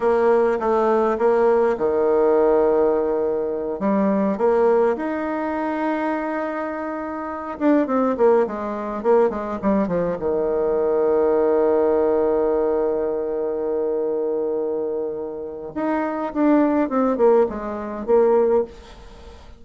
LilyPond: \new Staff \with { instrumentName = "bassoon" } { \time 4/4 \tempo 4 = 103 ais4 a4 ais4 dis4~ | dis2~ dis8 g4 ais8~ | ais8 dis'2.~ dis'8~ | dis'4 d'8 c'8 ais8 gis4 ais8 |
gis8 g8 f8 dis2~ dis8~ | dis1~ | dis2. dis'4 | d'4 c'8 ais8 gis4 ais4 | }